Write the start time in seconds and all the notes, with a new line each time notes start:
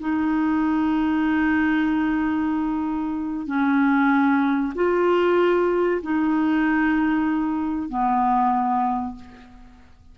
0.00 D#4
3.47 C#4
4.75 F4
6.02 D#4
7.89 B3